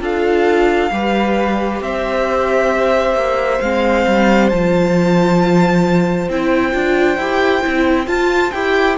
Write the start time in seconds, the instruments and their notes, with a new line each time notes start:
0.00 cello D4, viola F4, violin A4 F5
0.90 cello G3, viola G4, violin B4
1.80 cello C4, violin C5 E5
3.14 cello A#3
3.61 cello G#3, viola C4, violin F5
4.06 cello G3
4.49 cello F3, viola F4, violin A5
6.28 cello C4, viola E4, violin G5
6.72 cello D4, viola F4
7.16 cello E4, viola G4
7.61 cello C4, viola E4
8.07 viola F4, cello F4, violin A5
8.51 cello E4, viola G4, violin G5